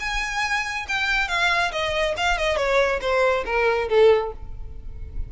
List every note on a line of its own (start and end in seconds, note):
0.00 0.86 G#5
0.88 1.28 G5
1.28 1.71 F5
1.72 2.15 D#5
2.17 2.38 F5
2.38 2.57 D#5
2.57 3.00 C#5
3.01 3.44 C5
3.46 3.89 A#4
3.89 4.32 A4